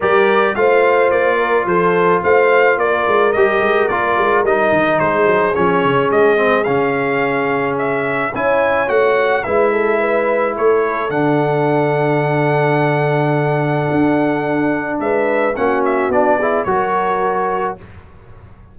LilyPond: <<
  \new Staff \with { instrumentName = "trumpet" } { \time 4/4 \tempo 4 = 108 d''4 f''4 d''4 c''4 | f''4 d''4 dis''4 d''4 | dis''4 c''4 cis''4 dis''4 | f''2 e''4 gis''4 |
fis''4 e''2 cis''4 | fis''1~ | fis''2. e''4 | fis''8 e''8 d''4 cis''2 | }
  \new Staff \with { instrumentName = "horn" } { \time 4/4 ais'4 c''4. ais'8 a'4 | c''4 ais'2.~ | ais'4 gis'2.~ | gis'2. cis''4~ |
cis''4 b'8 a'8 b'4 a'4~ | a'1~ | a'2. b'4 | fis'4. gis'8 ais'2 | }
  \new Staff \with { instrumentName = "trombone" } { \time 4/4 g'4 f'2.~ | f'2 g'4 f'4 | dis'2 cis'4. c'8 | cis'2. e'4 |
fis'4 e'2. | d'1~ | d'1 | cis'4 d'8 e'8 fis'2 | }
  \new Staff \with { instrumentName = "tuba" } { \time 4/4 g4 a4 ais4 f4 | a4 ais8 gis8 g8 gis8 ais8 gis8 | g8 dis8 gis8 fis8 f8 cis8 gis4 | cis2. cis'4 |
a4 gis2 a4 | d1~ | d4 d'2 gis4 | ais4 b4 fis2 | }
>>